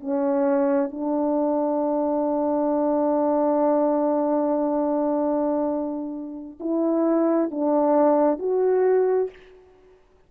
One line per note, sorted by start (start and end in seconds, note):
0.00 0.91 C#4
0.91 6.59 D4
6.60 7.51 E4
7.51 8.39 D4
8.39 9.30 F#4